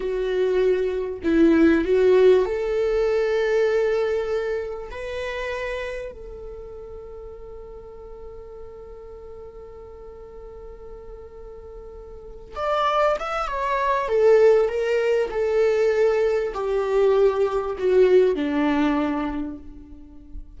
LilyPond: \new Staff \with { instrumentName = "viola" } { \time 4/4 \tempo 4 = 98 fis'2 e'4 fis'4 | a'1 | b'2 a'2~ | a'1~ |
a'1~ | a'8 d''4 e''8 cis''4 a'4 | ais'4 a'2 g'4~ | g'4 fis'4 d'2 | }